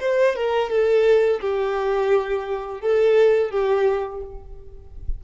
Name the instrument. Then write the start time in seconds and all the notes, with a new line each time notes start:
violin
0.00 C5
0.35 A#4
0.69 A4
1.40 G4
2.81 A4
3.50 G4